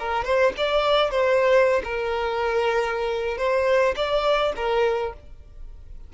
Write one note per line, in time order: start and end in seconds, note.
0.00 0.25 A#4
0.25 0.54 C5
0.58 1.11 D5
1.11 1.83 C5
1.84 3.38 A#4
3.38 3.95 C5
3.96 4.54 D5
4.56 5.14 A#4